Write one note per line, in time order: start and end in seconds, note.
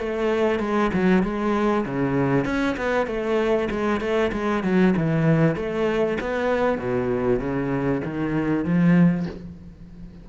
0.00 0.60 A3
0.60 0.91 G#3
0.94 1.24 F#3
1.24 1.86 G#3
1.86 2.45 C#3
2.45 2.76 C#4
2.78 3.07 B3
3.07 3.69 A3
3.71 4.01 G#3
4.01 4.32 A3
4.33 4.64 G#3
4.64 4.95 F#3
4.97 5.56 E3
5.56 6.18 A3
6.21 6.79 B3
6.79 7.40 B2
7.40 8.02 C#3
8.05 8.65 D#3
8.65 9.27 F3